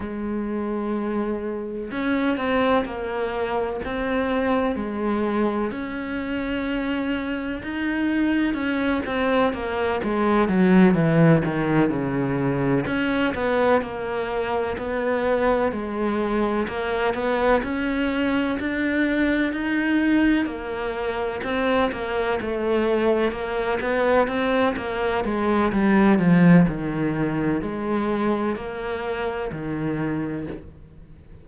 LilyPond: \new Staff \with { instrumentName = "cello" } { \time 4/4 \tempo 4 = 63 gis2 cis'8 c'8 ais4 | c'4 gis4 cis'2 | dis'4 cis'8 c'8 ais8 gis8 fis8 e8 | dis8 cis4 cis'8 b8 ais4 b8~ |
b8 gis4 ais8 b8 cis'4 d'8~ | d'8 dis'4 ais4 c'8 ais8 a8~ | a8 ais8 b8 c'8 ais8 gis8 g8 f8 | dis4 gis4 ais4 dis4 | }